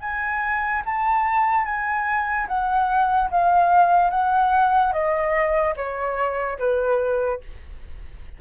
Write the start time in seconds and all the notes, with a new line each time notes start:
0.00 G#5
0.85 A5
1.65 G#5
2.48 F#5
3.30 F5
4.10 F#5
4.92 D#5
5.76 C#5
6.58 B4